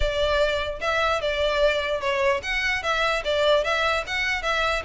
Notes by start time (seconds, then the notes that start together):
0.00 D5
0.81 E5
1.21 D5
2.01 C#5
2.43 F#5
2.82 E5
3.24 D5
3.64 E5
4.06 F#5
4.42 E5